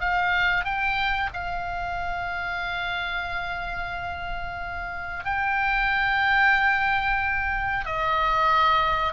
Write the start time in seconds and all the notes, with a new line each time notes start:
0.00 F5
0.64 G5
1.33 F5
5.24 G5
7.85 D#5